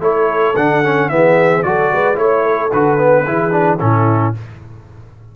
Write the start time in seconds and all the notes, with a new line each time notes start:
0.00 A3 E4 A4 C#5
0.56 D3 D4 F#5
0.83 C#4
1.09 E3 B3 G#4 E5
1.62 F#3 F#4 A4 D5
1.92 G#3 B4
2.15 A3 E4 C#5
2.43 A4
2.72 D3 F#4 B4
2.98 B3
3.25 E3 E4 G#4
3.51 D4
3.79 A2 C#4 E4 A4